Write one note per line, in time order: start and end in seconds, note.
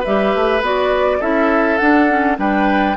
0.00 0.35 G3
0.00 0.62 G4
0.00 1.18 B4
0.00 0.63 E5
0.35 0.61 A3
0.61 1.20 B3
0.61 1.20 F#4
0.61 1.22 D5
1.20 1.80 C#4
1.20 1.79 E4
1.20 2.38 A4
1.20 1.77 E5
1.77 2.38 D4
1.77 2.09 D4
1.77 2.36 F#5
2.09 2.37 C#4
2.37 2.97 G3
2.37 2.96 D4
2.37 2.97 B4
2.37 2.97 G5